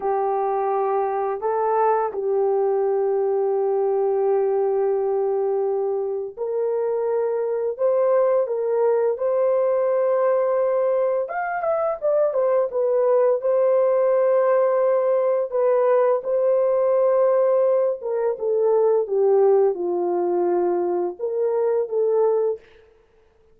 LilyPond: \new Staff \with { instrumentName = "horn" } { \time 4/4 \tempo 4 = 85 g'2 a'4 g'4~ | g'1~ | g'4 ais'2 c''4 | ais'4 c''2. |
f''8 e''8 d''8 c''8 b'4 c''4~ | c''2 b'4 c''4~ | c''4. ais'8 a'4 g'4 | f'2 ais'4 a'4 | }